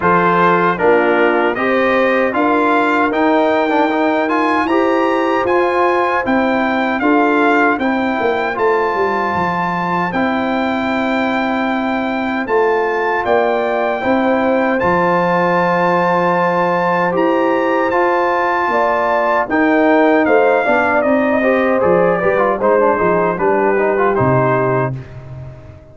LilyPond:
<<
  \new Staff \with { instrumentName = "trumpet" } { \time 4/4 \tempo 4 = 77 c''4 ais'4 dis''4 f''4 | g''4. gis''8 ais''4 gis''4 | g''4 f''4 g''4 a''4~ | a''4 g''2. |
a''4 g''2 a''4~ | a''2 ais''4 a''4~ | a''4 g''4 f''4 dis''4 | d''4 c''4 b'4 c''4 | }
  \new Staff \with { instrumentName = "horn" } { \time 4/4 a'4 f'4 c''4 ais'4~ | ais'2 c''2~ | c''4 a'4 c''2~ | c''1~ |
c''4 d''4 c''2~ | c''1 | d''4 ais'4 c''8 d''4 c''8~ | c''8 b'8 c''8 gis'8 g'2 | }
  \new Staff \with { instrumentName = "trombone" } { \time 4/4 f'4 d'4 g'4 f'4 | dis'8. d'16 dis'8 f'8 g'4 f'4 | e'4 f'4 e'4 f'4~ | f'4 e'2. |
f'2 e'4 f'4~ | f'2 g'4 f'4~ | f'4 dis'4. d'8 dis'8 g'8 | gis'8 g'16 f'16 dis'16 d'16 dis'8 d'8 dis'16 f'16 dis'4 | }
  \new Staff \with { instrumentName = "tuba" } { \time 4/4 f4 ais4 c'4 d'4 | dis'2 e'4 f'4 | c'4 d'4 c'8 ais8 a8 g8 | f4 c'2. |
a4 ais4 c'4 f4~ | f2 e'4 f'4 | ais4 dis'4 a8 b8 c'4 | f8 g8 gis8 f8 g4 c4 | }
>>